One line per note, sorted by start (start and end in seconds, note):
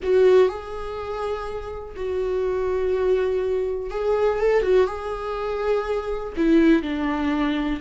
0.02 0.49 F#4
0.49 1.95 G#4
1.96 3.90 F#4
3.90 4.39 G#4
4.39 4.62 A4
4.62 4.86 F#4
4.86 6.33 G#4
6.37 6.82 E4
6.82 7.80 D4